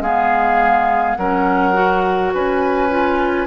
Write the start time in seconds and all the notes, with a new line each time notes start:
0.00 G#3 B3 G#4 F5
1.15 F#3 C#4 A#4 F#5
1.73 F#4
2.33 C#4 B4 G#5
2.89 F4